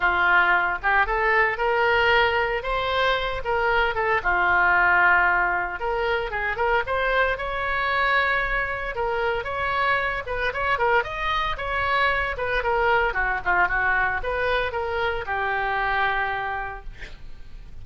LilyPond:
\new Staff \with { instrumentName = "oboe" } { \time 4/4 \tempo 4 = 114 f'4. g'8 a'4 ais'4~ | ais'4 c''4. ais'4 a'8 | f'2. ais'4 | gis'8 ais'8 c''4 cis''2~ |
cis''4 ais'4 cis''4. b'8 | cis''8 ais'8 dis''4 cis''4. b'8 | ais'4 fis'8 f'8 fis'4 b'4 | ais'4 g'2. | }